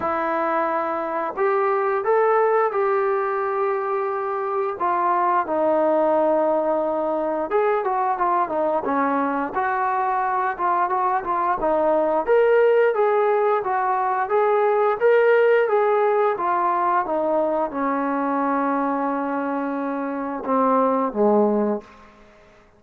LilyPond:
\new Staff \with { instrumentName = "trombone" } { \time 4/4 \tempo 4 = 88 e'2 g'4 a'4 | g'2. f'4 | dis'2. gis'8 fis'8 | f'8 dis'8 cis'4 fis'4. f'8 |
fis'8 f'8 dis'4 ais'4 gis'4 | fis'4 gis'4 ais'4 gis'4 | f'4 dis'4 cis'2~ | cis'2 c'4 gis4 | }